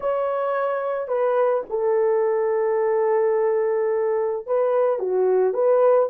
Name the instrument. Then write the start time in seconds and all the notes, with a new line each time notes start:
horn
0.00 C#5
1.07 B4
1.69 A4
4.46 B4
4.98 F#4
5.53 B4